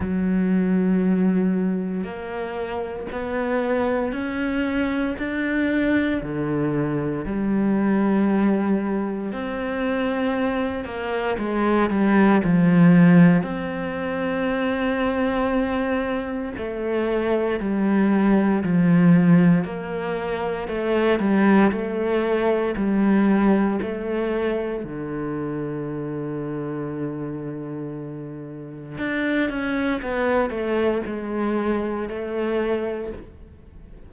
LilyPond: \new Staff \with { instrumentName = "cello" } { \time 4/4 \tempo 4 = 58 fis2 ais4 b4 | cis'4 d'4 d4 g4~ | g4 c'4. ais8 gis8 g8 | f4 c'2. |
a4 g4 f4 ais4 | a8 g8 a4 g4 a4 | d1 | d'8 cis'8 b8 a8 gis4 a4 | }